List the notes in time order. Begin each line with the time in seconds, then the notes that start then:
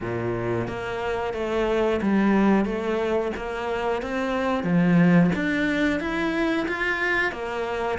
0.00 A#2
0.67 A#3
1.33 A3
2.01 G3
2.65 A3
3.36 A#3
4.02 C4
4.63 F3
5.35 D4
6.00 E4
6.68 F4
7.32 A#3